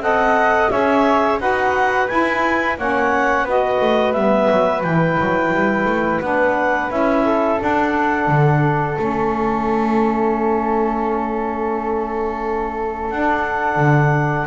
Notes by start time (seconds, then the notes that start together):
0.00 C4 A4 D#5 F#5
0.70 C#4 G#4 C#5 E5
1.40 D#4 F#4 B4 F#5
2.08 E4 G#5
2.78 A#3 C#4 C#5 F#5
3.42 B3 F#4 B4
3.50 D#5
3.81 A3
4.13 G3 B3 E5
4.51 F#3
4.83 E3 E4 G5
5.20 F#3
5.54 G3
5.85 A3
6.21 B3 D4 F#5
6.90 C#4 E4 E5
7.25 A4
7.58 D4 F#5
8.28 D3
8.97 A3 C#4 E5
13.11 D4 F#5
13.76 D3